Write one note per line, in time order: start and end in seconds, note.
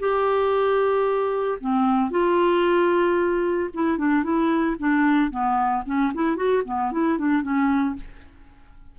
0.00 1.59 G4
1.61 2.11 C4
2.11 3.70 F4
3.74 3.98 E4
3.98 4.24 D4
4.24 4.77 E4
4.80 5.31 D4
5.31 5.84 B3
5.86 6.13 C#4
6.14 6.36 E4
6.36 6.63 F#4
6.66 6.92 B3
6.92 7.19 E4
7.19 7.43 D4
7.43 7.96 C#4